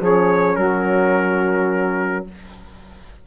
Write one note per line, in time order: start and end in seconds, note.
0.00 0.56 F3
0.00 2.27 C#4
0.00 0.56 G#4
0.00 0.55 C#5
0.55 2.26 F#3
0.55 2.26 F#4
0.55 2.25 A#4